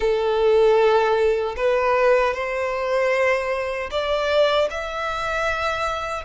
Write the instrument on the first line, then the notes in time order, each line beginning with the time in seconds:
violin
0.00 A4
1.56 B4
2.34 C5
3.90 D5
4.70 E5